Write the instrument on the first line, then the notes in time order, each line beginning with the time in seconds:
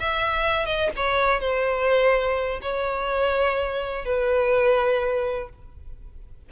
violin
0.00 E5
0.66 D#5
0.96 C#5
1.41 C5
2.62 C#5
4.05 B4